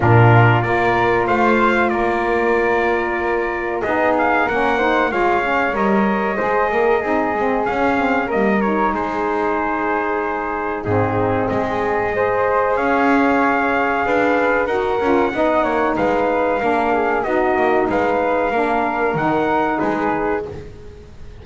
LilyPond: <<
  \new Staff \with { instrumentName = "trumpet" } { \time 4/4 \tempo 4 = 94 ais'4 d''4 f''4 d''4~ | d''2 dis''8 f''8 fis''4 | f''4 dis''2. | f''4 dis''8 cis''8 c''2~ |
c''4 gis'4 dis''2 | f''2. fis''4~ | fis''4 f''2 dis''4 | f''2 fis''4 b'4 | }
  \new Staff \with { instrumentName = "flute" } { \time 4/4 f'4 ais'4 c''4 ais'4~ | ais'2 gis'4 ais'8 c''8 | cis''2 c''8 ais'8 gis'4~ | gis'4 ais'4 gis'2~ |
gis'4 dis'4 gis'4 c''4 | cis''2 b'4 ais'4 | dis''8 cis''8 b'4 ais'8 gis'8 fis'4 | b'4 ais'2 gis'4 | }
  \new Staff \with { instrumentName = "saxophone" } { \time 4/4 d'4 f'2.~ | f'2 dis'4 cis'8 dis'8 | f'8 cis'8 ais'4 gis'4 dis'8 c'8 | cis'8 c'8 ais8 dis'2~ dis'8~ |
dis'4 c'2 gis'4~ | gis'2. fis'8 f'8 | dis'2 d'4 dis'4~ | dis'4 d'4 dis'2 | }
  \new Staff \with { instrumentName = "double bass" } { \time 4/4 ais,4 ais4 a4 ais4~ | ais2 b4 ais4 | gis4 g4 gis8 ais8 c'8 gis8 | cis'4 g4 gis2~ |
gis4 gis,4 gis2 | cis'2 d'4 dis'8 cis'8 | b8 ais8 gis4 ais4 b8 ais8 | gis4 ais4 dis4 gis4 | }
>>